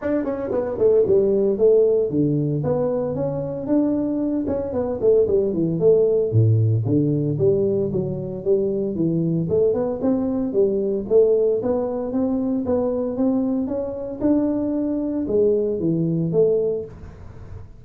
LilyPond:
\new Staff \with { instrumentName = "tuba" } { \time 4/4 \tempo 4 = 114 d'8 cis'8 b8 a8 g4 a4 | d4 b4 cis'4 d'4~ | d'8 cis'8 b8 a8 g8 e8 a4 | a,4 d4 g4 fis4 |
g4 e4 a8 b8 c'4 | g4 a4 b4 c'4 | b4 c'4 cis'4 d'4~ | d'4 gis4 e4 a4 | }